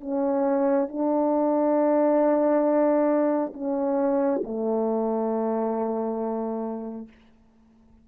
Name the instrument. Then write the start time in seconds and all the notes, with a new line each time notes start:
horn
0.00 C#4
0.88 D4
3.54 C#4
4.43 A3